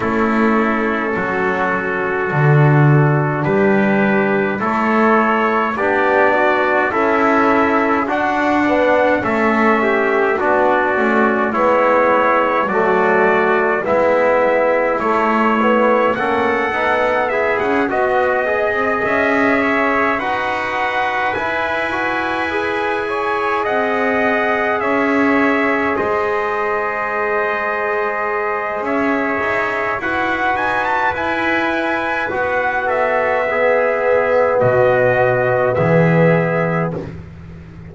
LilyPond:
<<
  \new Staff \with { instrumentName = "trumpet" } { \time 4/4 \tempo 4 = 52 a'2. b'4 | cis''4 d''4 e''4 fis''4 | e''4 d''4 cis''4 d''4 | e''4 cis''4 fis''4 e''16 fis''16 dis''8~ |
dis''8 e''4 fis''4 gis''4.~ | gis''8 fis''4 e''4 dis''4.~ | dis''4 e''4 fis''8 gis''16 a''16 gis''4 | fis''8 e''4. dis''4 e''4 | }
  \new Staff \with { instrumentName = "trumpet" } { \time 4/4 e'4 fis'2 g'4 | a'4 g'8 fis'8 e'4 d'4 | a'8 g'8 fis'4 e'4 fis'4 | e'2 a'4 gis'8 fis'8 |
dis''4 cis''8 b'2~ b'8 | cis''8 dis''4 cis''4 c''4.~ | c''4 cis''4 b'2~ | b'8 a'8 gis'4 fis'4 gis'4 | }
  \new Staff \with { instrumentName = "trombone" } { \time 4/4 cis'2 d'2 | e'4 d'4 a'4 fis'8 b8 | cis'4 d'8 cis'8 b4 a4 | b4 a8 b8 cis'8 dis'8 e'8 fis'8 |
gis'4. fis'4 e'8 fis'8 gis'8~ | gis'1~ | gis'2 fis'4 e'4 | fis'4 b2. | }
  \new Staff \with { instrumentName = "double bass" } { \time 4/4 a4 fis4 d4 g4 | a4 b4 cis'4 d'4 | a4 b8 a8 gis4 fis4 | gis4 a4 ais8 b8. cis'16 b8~ |
b16 c'16 cis'4 dis'4 e'4.~ | e'8 c'4 cis'4 gis4.~ | gis4 cis'8 dis'8 e'8 dis'8 e'4 | b2 b,4 e4 | }
>>